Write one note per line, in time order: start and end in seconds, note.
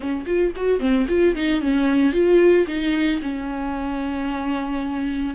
0.00 0.24 C#4
0.26 0.52 F4
0.56 0.79 F#4
0.79 1.06 C4
1.08 1.35 F4
1.35 1.61 D#4
1.61 2.12 C#4
2.12 2.66 F4
2.67 3.20 D#4
3.22 5.34 C#4